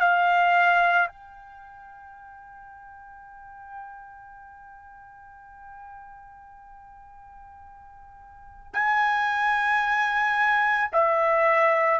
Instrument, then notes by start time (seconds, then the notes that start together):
trumpet
0.00 F5
1.08 G5
8.73 G#5
10.92 E5